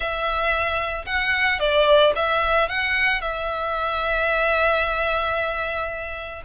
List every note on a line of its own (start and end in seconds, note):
0.00 1.05 E5
1.06 1.59 F#5
1.59 2.13 D5
2.15 2.69 E5
2.69 3.21 F#5
3.21 6.42 E5